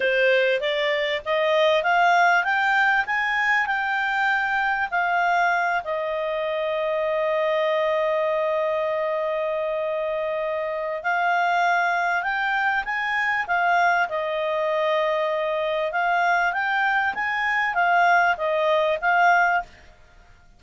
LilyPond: \new Staff \with { instrumentName = "clarinet" } { \time 4/4 \tempo 4 = 98 c''4 d''4 dis''4 f''4 | g''4 gis''4 g''2 | f''4. dis''2~ dis''8~ | dis''1~ |
dis''2 f''2 | g''4 gis''4 f''4 dis''4~ | dis''2 f''4 g''4 | gis''4 f''4 dis''4 f''4 | }